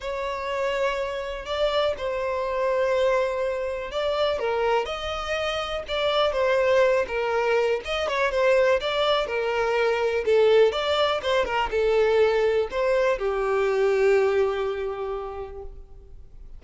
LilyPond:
\new Staff \with { instrumentName = "violin" } { \time 4/4 \tempo 4 = 123 cis''2. d''4 | c''1 | d''4 ais'4 dis''2 | d''4 c''4. ais'4. |
dis''8 cis''8 c''4 d''4 ais'4~ | ais'4 a'4 d''4 c''8 ais'8 | a'2 c''4 g'4~ | g'1 | }